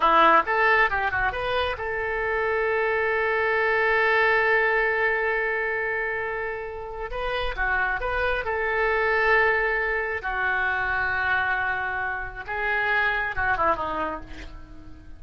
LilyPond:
\new Staff \with { instrumentName = "oboe" } { \time 4/4 \tempo 4 = 135 e'4 a'4 g'8 fis'8 b'4 | a'1~ | a'1~ | a'1 |
b'4 fis'4 b'4 a'4~ | a'2. fis'4~ | fis'1 | gis'2 fis'8 e'8 dis'4 | }